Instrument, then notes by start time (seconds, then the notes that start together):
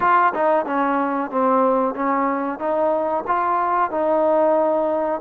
trombone
0.00 F4
0.34 D#4
0.65 C#4
1.30 C4
1.94 C#4
2.59 D#4
3.27 F4
3.90 D#4